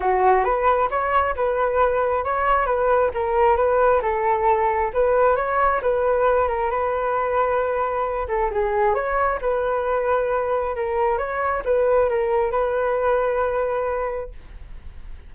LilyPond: \new Staff \with { instrumentName = "flute" } { \time 4/4 \tempo 4 = 134 fis'4 b'4 cis''4 b'4~ | b'4 cis''4 b'4 ais'4 | b'4 a'2 b'4 | cis''4 b'4. ais'8 b'4~ |
b'2~ b'8 a'8 gis'4 | cis''4 b'2. | ais'4 cis''4 b'4 ais'4 | b'1 | }